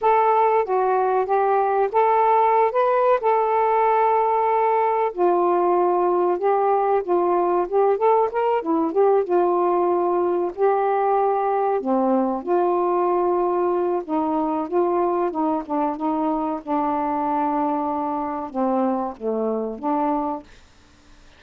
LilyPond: \new Staff \with { instrumentName = "saxophone" } { \time 4/4 \tempo 4 = 94 a'4 fis'4 g'4 a'4~ | a'16 b'8. a'2. | f'2 g'4 f'4 | g'8 a'8 ais'8 e'8 g'8 f'4.~ |
f'8 g'2 c'4 f'8~ | f'2 dis'4 f'4 | dis'8 d'8 dis'4 d'2~ | d'4 c'4 a4 d'4 | }